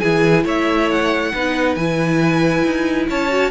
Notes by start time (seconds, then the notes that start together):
0.00 E3 E4 G#4 G#5
0.45 A3 C#5 E5
0.91 F#5
1.34 B3 D#4 B4
1.76 E3 E4 G#5
2.65 D#4
3.10 C#4 C#5 A5
3.29 F#4